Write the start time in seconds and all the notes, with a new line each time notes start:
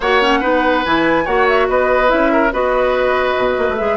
0.00 A#3 F#4 C#5 F#5
0.21 C#4
0.40 B3 D#4 B4
0.84 E3 E4 G#5
1.24 A#3 F#4 C#5 F#5
1.48 E5
1.69 B3 B4 D#5
2.07 C#4 E4 E5
2.32 A#4
2.52 B3 F#4 B4 D#5
3.37 B2
3.57 A#3
3.69 A3
3.76 G#3 G#4 E5